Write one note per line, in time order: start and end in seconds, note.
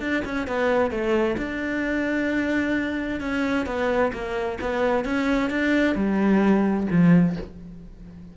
0.00 0.23 D4
0.25 0.47 C#4
0.47 0.91 B3
0.91 1.37 A3
1.37 3.20 D4
3.20 3.66 C#4
3.66 4.12 B3
4.13 4.59 A#3
4.61 5.05 B3
5.05 5.50 C#4
5.50 5.95 D4
5.95 6.87 G3
6.91 7.36 F3